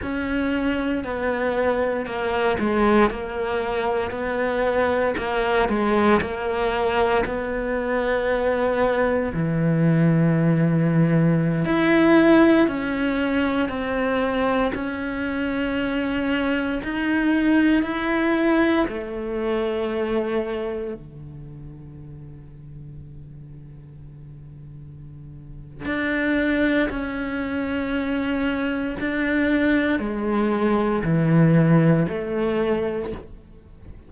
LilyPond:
\new Staff \with { instrumentName = "cello" } { \time 4/4 \tempo 4 = 58 cis'4 b4 ais8 gis8 ais4 | b4 ais8 gis8 ais4 b4~ | b4 e2~ e16 e'8.~ | e'16 cis'4 c'4 cis'4.~ cis'16~ |
cis'16 dis'4 e'4 a4.~ a16~ | a16 d2.~ d8.~ | d4 d'4 cis'2 | d'4 gis4 e4 a4 | }